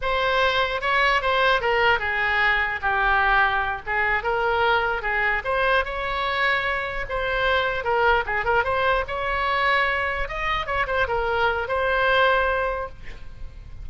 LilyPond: \new Staff \with { instrumentName = "oboe" } { \time 4/4 \tempo 4 = 149 c''2 cis''4 c''4 | ais'4 gis'2 g'4~ | g'4. gis'4 ais'4.~ | ais'8 gis'4 c''4 cis''4.~ |
cis''4. c''2 ais'8~ | ais'8 gis'8 ais'8 c''4 cis''4.~ | cis''4. dis''4 cis''8 c''8 ais'8~ | ais'4 c''2. | }